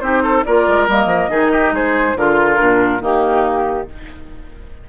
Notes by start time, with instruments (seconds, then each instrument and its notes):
0.00 bassoon C4, clarinet D#4, oboe G4, flute C5
0.22 oboe A4
0.44 bassoon A#3, clarinet F4, oboe A#4, flute D5
0.67 bassoon G#3
0.87 bassoon G3, clarinet A#3, flute D#5
1.05 bassoon F3
1.29 bassoon D#3, clarinet D#4, oboe G#4
1.51 oboe G4
1.71 bassoon G#3, oboe G#4, flute C5
2.16 bassoon D3, clarinet F4, oboe F4, flute A#4
2.57 bassoon A#2, clarinet D4
3.00 bassoon D#3, clarinet A#3, oboe D#4, flute G4